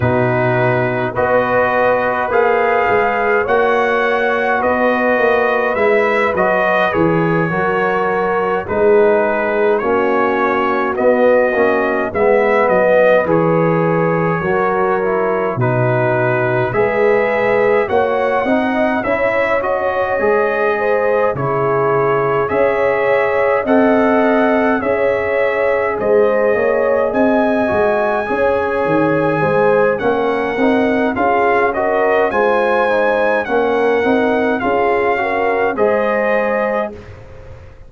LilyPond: <<
  \new Staff \with { instrumentName = "trumpet" } { \time 4/4 \tempo 4 = 52 b'4 dis''4 f''4 fis''4 | dis''4 e''8 dis''8 cis''4. b'8~ | b'8 cis''4 dis''4 e''8 dis''8 cis''8~ | cis''4. b'4 e''4 fis''8~ |
fis''8 e''8 dis''4. cis''4 e''8~ | e''8 fis''4 e''4 dis''4 gis''8~ | gis''2 fis''4 f''8 dis''8 | gis''4 fis''4 f''4 dis''4 | }
  \new Staff \with { instrumentName = "horn" } { \time 4/4 fis'4 b'2 cis''4 | b'2~ b'8 ais'4 gis'8~ | gis'8 fis'2 b'4.~ | b'8 ais'4 fis'4 b'4 cis''8 |
dis''8 cis''4. c''8 gis'4 cis''8~ | cis''8 dis''4 cis''4 c''8 cis''8 dis''8~ | dis''8 cis''4 c''8 ais'4 gis'8 ais'8 | c''4 ais'4 gis'8 ais'8 c''4 | }
  \new Staff \with { instrumentName = "trombone" } { \time 4/4 dis'4 fis'4 gis'4 fis'4~ | fis'4 e'8 fis'8 gis'8 fis'4 dis'8~ | dis'8 cis'4 b8 cis'8 b4 gis'8~ | gis'8 fis'8 e'8 dis'4 gis'4 fis'8 |
dis'8 e'8 fis'8 gis'4 e'4 gis'8~ | gis'8 a'4 gis'2~ gis'8 | fis'8 gis'4. cis'8 dis'8 f'8 fis'8 | f'8 dis'8 cis'8 dis'8 f'8 fis'8 gis'4 | }
  \new Staff \with { instrumentName = "tuba" } { \time 4/4 b,4 b4 ais8 gis8 ais4 | b8 ais8 gis8 fis8 e8 fis4 gis8~ | gis8 ais4 b8 ais8 gis8 fis8 e8~ | e8 fis4 b,4 gis4 ais8 |
c'8 cis'4 gis4 cis4 cis'8~ | cis'8 c'4 cis'4 gis8 ais8 c'8 | gis8 cis'8 dis8 gis8 ais8 c'8 cis'4 | gis4 ais8 c'8 cis'4 gis4 | }
>>